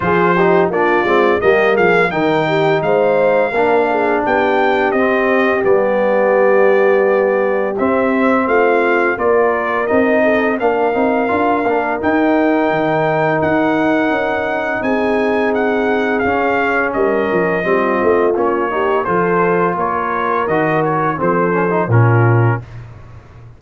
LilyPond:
<<
  \new Staff \with { instrumentName = "trumpet" } { \time 4/4 \tempo 4 = 85 c''4 d''4 dis''8 f''8 g''4 | f''2 g''4 dis''4 | d''2. e''4 | f''4 d''4 dis''4 f''4~ |
f''4 g''2 fis''4~ | fis''4 gis''4 fis''4 f''4 | dis''2 cis''4 c''4 | cis''4 dis''8 cis''8 c''4 ais'4 | }
  \new Staff \with { instrumentName = "horn" } { \time 4/4 gis'8 g'8 f'4 g'8 gis'8 ais'8 g'8 | c''4 ais'8 gis'8 g'2~ | g'1 | f'4 ais'4. a'8 ais'4~ |
ais'1~ | ais'4 gis'2. | ais'4 f'4. g'8 a'4 | ais'2 a'4 f'4 | }
  \new Staff \with { instrumentName = "trombone" } { \time 4/4 f'8 dis'8 d'8 c'8 ais4 dis'4~ | dis'4 d'2 c'4 | b2. c'4~ | c'4 f'4 dis'4 d'8 dis'8 |
f'8 d'8 dis'2.~ | dis'2. cis'4~ | cis'4 c'4 cis'8 dis'8 f'4~ | f'4 fis'4 c'8 cis'16 dis'16 cis'4 | }
  \new Staff \with { instrumentName = "tuba" } { \time 4/4 f4 ais8 gis8 g8 f8 dis4 | gis4 ais4 b4 c'4 | g2. c'4 | a4 ais4 c'4 ais8 c'8 |
d'8 ais8 dis'4 dis4 dis'4 | cis'4 c'2 cis'4 | g8 f8 g8 a8 ais4 f4 | ais4 dis4 f4 ais,4 | }
>>